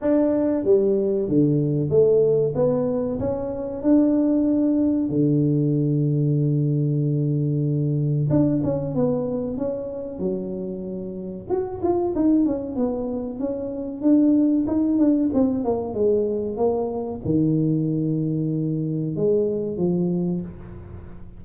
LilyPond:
\new Staff \with { instrumentName = "tuba" } { \time 4/4 \tempo 4 = 94 d'4 g4 d4 a4 | b4 cis'4 d'2 | d1~ | d4 d'8 cis'8 b4 cis'4 |
fis2 fis'8 f'8 dis'8 cis'8 | b4 cis'4 d'4 dis'8 d'8 | c'8 ais8 gis4 ais4 dis4~ | dis2 gis4 f4 | }